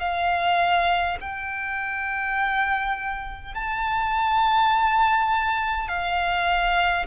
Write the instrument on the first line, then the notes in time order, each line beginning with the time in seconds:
violin
0.00 F5
1.21 G5
3.55 A5
5.89 F5